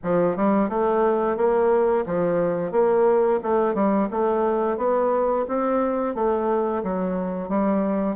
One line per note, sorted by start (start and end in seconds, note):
0.03 0.36 F3
0.36 0.69 G3
0.69 1.36 A3
1.36 2.05 A#3
2.05 2.71 F3
2.71 3.39 A#3
3.42 3.74 A3
3.74 4.08 G3
4.11 4.77 A3
4.77 5.45 B3
5.47 6.14 C4
6.14 6.82 A3
6.83 7.48 F#3
7.48 8.15 G3